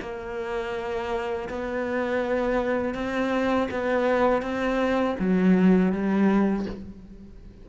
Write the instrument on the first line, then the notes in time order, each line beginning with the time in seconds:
cello
0.00 A#3
1.48 B3
2.94 C4
3.70 B3
4.41 C4
5.19 F#3
5.92 G3